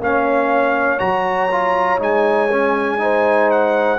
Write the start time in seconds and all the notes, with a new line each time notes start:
0.00 A#3 C#4 C#5 F5
0.99 F#3 F#4 A#5
1.51 F4
1.99 G#3 D#4 G#5
2.51 C#4
2.99 D#4 C5
3.51 F#5